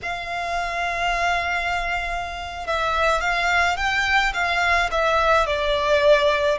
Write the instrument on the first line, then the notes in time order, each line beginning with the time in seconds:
violin
0.02 F5
2.66 E5
3.20 F5
3.76 G5
4.33 F5
4.91 E5
5.46 D5